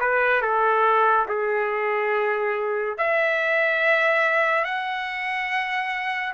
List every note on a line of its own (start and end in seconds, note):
0.00 0.42 B4
0.42 1.26 A4
1.28 2.97 G#4
2.98 4.64 E5
4.64 6.33 F#5